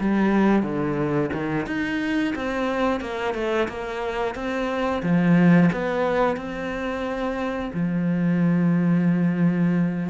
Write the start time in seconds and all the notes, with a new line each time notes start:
0.00 G3
0.63 D3
1.33 D#3
1.67 D#4
2.36 C4
3.01 A#3
3.34 A3
3.68 A#3
4.35 C4
5.03 F3
5.72 B3
6.36 C4
7.73 F3